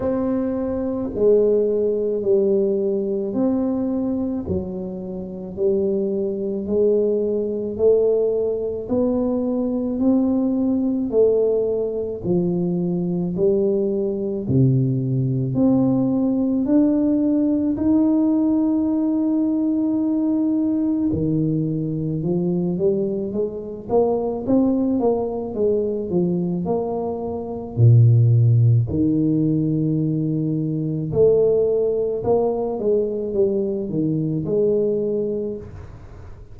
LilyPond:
\new Staff \with { instrumentName = "tuba" } { \time 4/4 \tempo 4 = 54 c'4 gis4 g4 c'4 | fis4 g4 gis4 a4 | b4 c'4 a4 f4 | g4 c4 c'4 d'4 |
dis'2. dis4 | f8 g8 gis8 ais8 c'8 ais8 gis8 f8 | ais4 ais,4 dis2 | a4 ais8 gis8 g8 dis8 gis4 | }